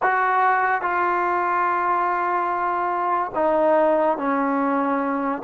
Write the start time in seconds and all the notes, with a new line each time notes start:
0.02 F#4
0.81 F4
3.34 D#4
4.17 C#4